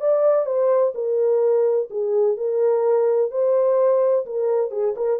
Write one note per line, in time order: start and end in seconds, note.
0.00 0.46 D5
0.46 0.93 C5
0.94 1.89 A#4
1.90 2.37 G#4
2.37 3.31 A#4
3.31 4.25 C5
4.26 4.71 A#4
4.71 4.95 G#4
4.96 5.20 A#4